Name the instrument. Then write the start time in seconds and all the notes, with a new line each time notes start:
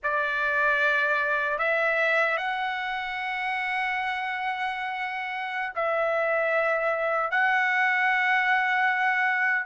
trumpet
0.03 D5
1.58 E5
2.37 F#5
5.75 E5
7.30 F#5